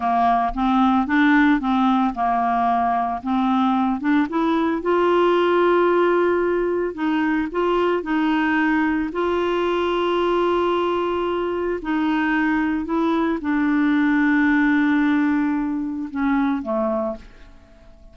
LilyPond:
\new Staff \with { instrumentName = "clarinet" } { \time 4/4 \tempo 4 = 112 ais4 c'4 d'4 c'4 | ais2 c'4. d'8 | e'4 f'2.~ | f'4 dis'4 f'4 dis'4~ |
dis'4 f'2.~ | f'2 dis'2 | e'4 d'2.~ | d'2 cis'4 a4 | }